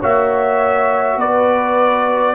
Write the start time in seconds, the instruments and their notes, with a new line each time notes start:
0.00 tuba A#3, trombone F#4, horn C#5, trumpet E5
1.16 tuba B3, horn B4, trumpet D5